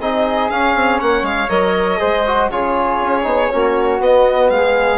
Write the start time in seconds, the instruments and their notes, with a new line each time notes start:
0.00 bassoon C4, trombone D#4, flute G#4, violin D#5
0.50 bassoon C#4, trombone C#4, violin F5
0.75 bassoon C4
0.99 bassoon A#3, flute C#5, violin F#5
1.22 bassoon G#3, violin F5
1.48 bassoon F#3, trombone A#4, violin D#5
1.98 bassoon G#3, trombone G#4, flute C5
2.26 trombone F#4
2.51 bassoon C#3, trombone F4, flute G#4, violin C#5
3.00 bassoon C#4
3.23 bassoon B3, trombone D#4
3.50 bassoon A#3, trombone C#4, flute F#4
3.99 trombone B3, bassoon B3, violin D#5
4.49 bassoon G#3, flute G#4, violin F5